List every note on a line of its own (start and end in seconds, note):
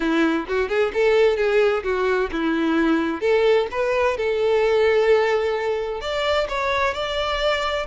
0.00 0.46 E4
0.48 0.68 F#4
0.68 0.91 G#4
0.93 1.37 A4
1.37 1.83 G#4
1.83 2.30 F#4
2.32 3.21 E4
3.21 3.67 A4
3.71 4.17 B4
4.17 6.00 A4
6.00 6.47 D5
6.48 6.94 C#5
6.94 7.86 D5